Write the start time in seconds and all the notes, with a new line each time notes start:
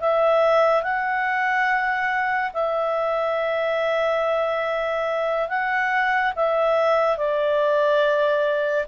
0.00 E5
0.83 F#5
2.53 E5
5.49 F#5
6.36 E5
7.17 D5